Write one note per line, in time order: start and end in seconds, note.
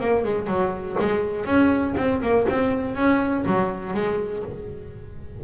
0.00 0.24 A#3
0.24 0.47 G#3
0.47 0.96 F#3
0.99 1.45 G#3
1.45 1.94 C#4
1.97 2.22 C4
2.22 2.46 A#3
2.49 2.95 C4
2.95 3.44 C#4
3.46 3.94 F#3
3.94 4.43 G#3